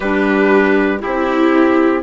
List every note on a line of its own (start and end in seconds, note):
0.00 1.02 G3
0.00 0.99 D4
0.00 1.00 G4
0.00 1.01 B4
0.99 2.00 E4
0.99 2.02 E4
0.99 2.02 G4
1.06 2.02 C4